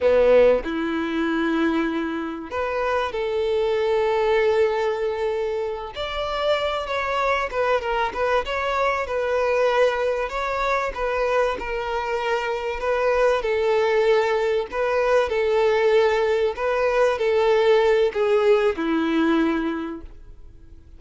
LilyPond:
\new Staff \with { instrumentName = "violin" } { \time 4/4 \tempo 4 = 96 b4 e'2. | b'4 a'2.~ | a'4. d''4. cis''4 | b'8 ais'8 b'8 cis''4 b'4.~ |
b'8 cis''4 b'4 ais'4.~ | ais'8 b'4 a'2 b'8~ | b'8 a'2 b'4 a'8~ | a'4 gis'4 e'2 | }